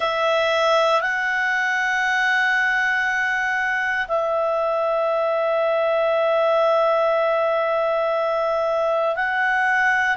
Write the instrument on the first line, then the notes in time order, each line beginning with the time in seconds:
clarinet
0.00 E5
1.01 F#5
4.07 E5
9.15 F#5